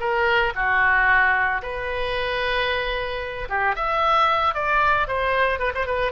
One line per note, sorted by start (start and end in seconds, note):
0.00 0.53 A#4
0.55 1.61 F#4
1.62 3.48 B4
3.49 3.75 G4
3.75 4.54 E5
4.54 5.07 D5
5.07 5.59 C5
5.59 5.72 B4
5.74 5.86 C5
5.86 6.12 B4